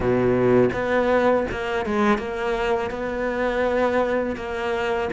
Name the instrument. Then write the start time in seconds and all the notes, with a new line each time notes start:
cello
0.00 B2
0.73 B3
1.51 A#3
1.85 G#3
2.18 A#3
2.90 B3
4.36 A#3